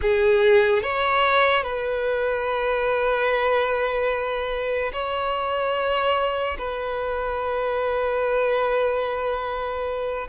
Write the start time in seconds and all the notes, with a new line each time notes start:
0.01 G#4
0.82 C#5
1.63 B4
4.92 C#5
6.58 B4